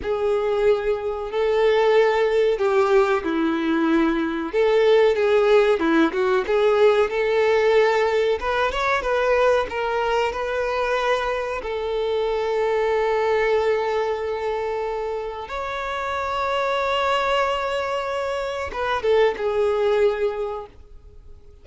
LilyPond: \new Staff \with { instrumentName = "violin" } { \time 4/4 \tempo 4 = 93 gis'2 a'2 | g'4 e'2 a'4 | gis'4 e'8 fis'8 gis'4 a'4~ | a'4 b'8 cis''8 b'4 ais'4 |
b'2 a'2~ | a'1 | cis''1~ | cis''4 b'8 a'8 gis'2 | }